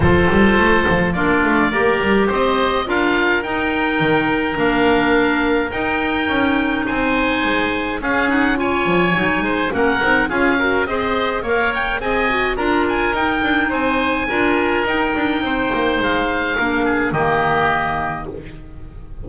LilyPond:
<<
  \new Staff \with { instrumentName = "oboe" } { \time 4/4 \tempo 4 = 105 c''2 d''2 | dis''4 f''4 g''2 | f''2 g''2 | gis''2 f''8 fis''8 gis''4~ |
gis''4 fis''4 f''4 dis''4 | f''8 g''8 gis''4 ais''8 gis''8 g''4 | gis''2 g''2 | f''2 dis''2 | }
  \new Staff \with { instrumentName = "oboe" } { \time 4/4 a'2 f'4 ais'4 | c''4 ais'2.~ | ais'1 | c''2 gis'4 cis''4~ |
cis''8 c''8 ais'4 gis'8 ais'8 c''4 | cis''4 dis''4 ais'2 | c''4 ais'2 c''4~ | c''4 ais'8 gis'8 g'2 | }
  \new Staff \with { instrumentName = "clarinet" } { \time 4/4 f'2 d'4 g'4~ | g'4 f'4 dis'2 | d'2 dis'2~ | dis'2 cis'8 dis'8 f'4 |
dis'4 cis'8 dis'8 f'8 fis'8 gis'4 | ais'4 gis'8 fis'8 f'4 dis'4~ | dis'4 f'4 dis'2~ | dis'4 d'4 ais2 | }
  \new Staff \with { instrumentName = "double bass" } { \time 4/4 f8 g8 a8 f8 ais8 a8 ais8 g8 | c'4 d'4 dis'4 dis4 | ais2 dis'4 cis'4 | c'4 gis4 cis'4. f8 |
fis8 gis8 ais8 c'8 cis'4 c'4 | ais4 c'4 d'4 dis'8 d'8 | c'4 d'4 dis'8 d'8 c'8 ais8 | gis4 ais4 dis2 | }
>>